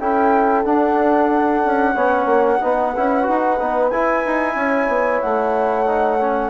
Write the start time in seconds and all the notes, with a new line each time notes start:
0.00 C#4 E4 A4 G5
0.65 D4 F#5
1.65 C#4
1.93 B3 C#4 C#5
2.26 A#3
2.61 B3 D#4 B4
2.96 C#4 E4
3.24 D#4 F#4
3.59 B3 D#4
3.90 E4 G#5
4.26 D#4
4.55 C#4 C#5
4.88 B3
5.21 A3 F#5
5.87 D#4
6.21 C#4